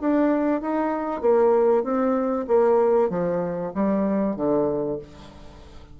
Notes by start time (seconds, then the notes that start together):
0.00 D4
0.61 D#4
1.21 A#3
1.83 C4
2.47 A#3
3.09 F3
3.74 G3
4.36 D3